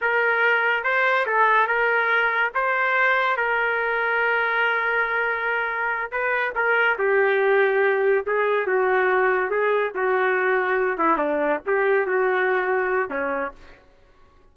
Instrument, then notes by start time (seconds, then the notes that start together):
trumpet
0.01 A#4
0.83 C5
1.26 A4
1.67 A#4
2.54 C5
3.36 A#4
6.11 B4
6.55 A#4
6.98 G4
8.26 G#4
8.66 F#4
9.50 G#4
9.94 F#4
10.97 E4
11.17 D4
11.66 G4
12.06 F#4
13.09 C#4